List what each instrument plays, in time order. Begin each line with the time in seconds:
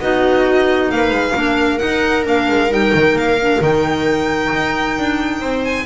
0.00 double bass B3, clarinet D#4, viola F#4, violin D#5
0.91 double bass A#3, viola B4, violin F5
1.10 double bass G#3
1.35 double bass A#3, clarinet D4, viola A#4
1.78 clarinet D#4, double bass D#4, violin F#5
2.24 double bass A#3, clarinet D4, violin F5
2.49 double bass G#3
2.69 double bass G3, clarinet D#4, violin G5
2.94 double bass D#3
3.13 double bass A#3, violin F5
3.41 clarinet D4
3.61 double bass D#3, clarinet D#4, violin G5
4.53 double bass D#4
4.98 double bass D4
5.41 double bass C4, viola C5
5.64 violin G#5